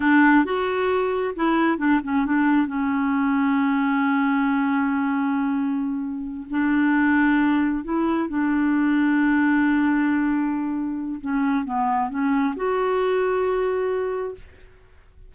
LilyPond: \new Staff \with { instrumentName = "clarinet" } { \time 4/4 \tempo 4 = 134 d'4 fis'2 e'4 | d'8 cis'8 d'4 cis'2~ | cis'1~ | cis'2~ cis'8 d'4.~ |
d'4. e'4 d'4.~ | d'1~ | d'4 cis'4 b4 cis'4 | fis'1 | }